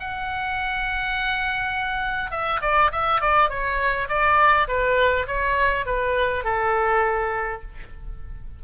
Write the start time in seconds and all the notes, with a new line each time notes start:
0.00 F#5
2.31 E5
2.62 D5
2.92 E5
3.21 D5
3.50 C#5
4.09 D5
4.68 B4
5.28 C#5
5.86 B4
6.45 A4